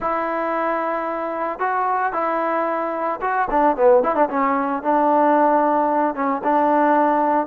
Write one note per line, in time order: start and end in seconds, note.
0.00 1.59 E4
1.59 2.12 F#4
2.12 3.19 E4
3.21 3.48 F#4
3.50 3.76 D4
3.76 4.03 B3
4.03 4.15 E4
4.15 4.28 D4
4.29 4.82 C#4
4.82 6.14 D4
6.14 6.41 C#4
6.43 7.47 D4